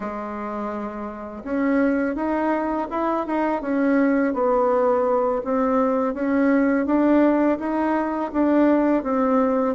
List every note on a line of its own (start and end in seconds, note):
0.00 1.43 G#3
1.44 2.15 C#4
2.15 2.87 D#4
2.90 3.26 E4
3.26 3.61 D#4
3.61 4.33 C#4
4.33 5.42 B3
5.44 6.13 C4
6.13 6.85 C#4
6.85 7.58 D4
7.58 8.31 D#4
8.32 9.03 D4
9.03 9.75 C4